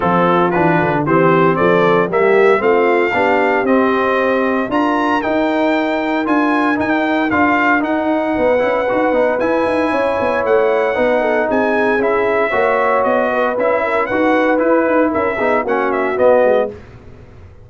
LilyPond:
<<
  \new Staff \with { instrumentName = "trumpet" } { \time 4/4 \tempo 4 = 115 a'4 b'4 c''4 d''4 | e''4 f''2 dis''4~ | dis''4 ais''4 g''2 | gis''4 g''4 f''4 fis''4~ |
fis''2 gis''2 | fis''2 gis''4 e''4~ | e''4 dis''4 e''4 fis''4 | b'4 e''4 fis''8 e''8 dis''4 | }
  \new Staff \with { instrumentName = "horn" } { \time 4/4 f'2 g'4 a'4 | g'4 f'4 g'2~ | g'4 ais'2.~ | ais'1 |
b'2. cis''4~ | cis''4 b'8 a'8 gis'2 | cis''4. b'4 ais'8 b'4~ | b'4 ais'8 gis'8 fis'2 | }
  \new Staff \with { instrumentName = "trombone" } { \time 4/4 c'4 d'4 c'2 | ais4 c'4 d'4 c'4~ | c'4 f'4 dis'2 | f'4 dis'4 f'4 dis'4~ |
dis'8 e'8 fis'8 dis'8 e'2~ | e'4 dis'2 e'4 | fis'2 e'4 fis'4 | e'4. dis'8 cis'4 b4 | }
  \new Staff \with { instrumentName = "tuba" } { \time 4/4 f4 e8 d8 e4 f4 | g4 a4 b4 c'4~ | c'4 d'4 dis'2 | d'4 dis'4 d'4 dis'4 |
b8 cis'8 dis'8 b8 e'8 dis'8 cis'8 b8 | a4 b4 c'4 cis'4 | ais4 b4 cis'4 dis'4 | e'8 dis'8 cis'8 b8 ais4 b8 gis8 | }
>>